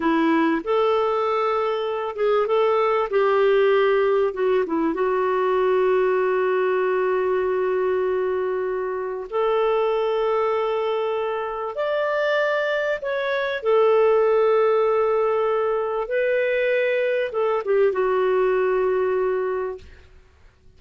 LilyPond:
\new Staff \with { instrumentName = "clarinet" } { \time 4/4 \tempo 4 = 97 e'4 a'2~ a'8 gis'8 | a'4 g'2 fis'8 e'8 | fis'1~ | fis'2. a'4~ |
a'2. d''4~ | d''4 cis''4 a'2~ | a'2 b'2 | a'8 g'8 fis'2. | }